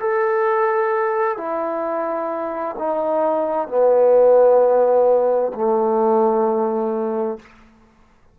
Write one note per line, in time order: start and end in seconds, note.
0.00 1.37 A4
1.37 2.76 E4
2.79 3.68 D#4
3.68 5.53 B3
5.54 7.39 A3